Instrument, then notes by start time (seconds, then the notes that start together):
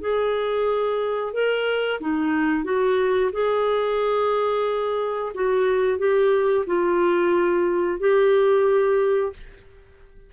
clarinet
0.00 G#4
1.33 A#4
2.00 D#4
2.64 F#4
3.32 G#4
5.34 F#4
5.98 G4
6.66 F4
7.99 G4